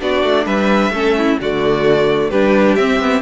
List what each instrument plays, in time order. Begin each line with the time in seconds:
0.00 cello B3, viola D4, violin F#4 D5
0.23 cello A3
0.46 cello G3, violin B4 E5
0.90 cello A3, viola C#4, violin A4
1.18 violin E4
1.40 cello D3, viola A3, violin F#4 D5
2.30 cello G3, viola D4, violin G4 B4
2.76 cello C4, viola C4, violin E5
3.00 cello B3